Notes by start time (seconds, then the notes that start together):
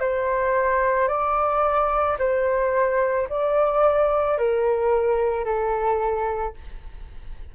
0.00 C5
1.08 D5
2.19 C5
3.29 D5
4.38 A#4
5.44 A4